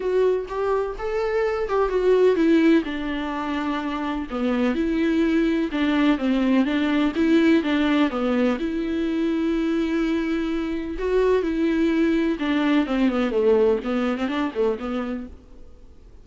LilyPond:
\new Staff \with { instrumentName = "viola" } { \time 4/4 \tempo 4 = 126 fis'4 g'4 a'4. g'8 | fis'4 e'4 d'2~ | d'4 b4 e'2 | d'4 c'4 d'4 e'4 |
d'4 b4 e'2~ | e'2. fis'4 | e'2 d'4 c'8 b8 | a4 b8. c'16 d'8 a8 b4 | }